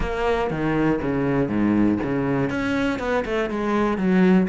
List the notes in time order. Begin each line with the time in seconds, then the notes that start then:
0.00 A#3
0.50 D#3
1.01 C#3
1.48 G#2
2.03 C#3
2.50 C#4
2.99 B3
3.25 A3
3.50 G#3
3.97 F#3